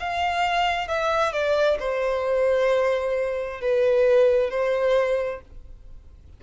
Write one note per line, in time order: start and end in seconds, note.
0.00 0.88 F5
0.88 1.33 E5
1.33 1.78 D5
1.79 3.61 C5
3.61 4.50 B4
4.50 5.41 C5